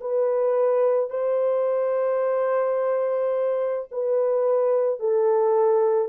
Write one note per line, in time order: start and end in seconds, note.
0.00 1.10 B4
1.10 3.88 C5
3.91 4.99 B4
4.99 6.08 A4